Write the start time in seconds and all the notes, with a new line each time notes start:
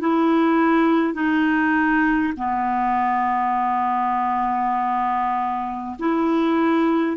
0.00 E4
1.13 D#4
2.37 B3
5.99 E4